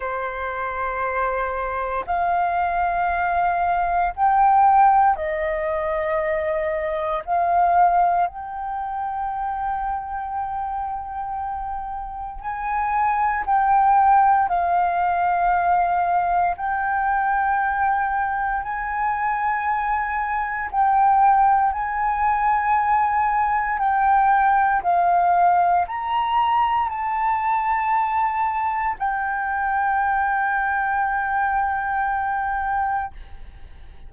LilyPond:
\new Staff \with { instrumentName = "flute" } { \time 4/4 \tempo 4 = 58 c''2 f''2 | g''4 dis''2 f''4 | g''1 | gis''4 g''4 f''2 |
g''2 gis''2 | g''4 gis''2 g''4 | f''4 ais''4 a''2 | g''1 | }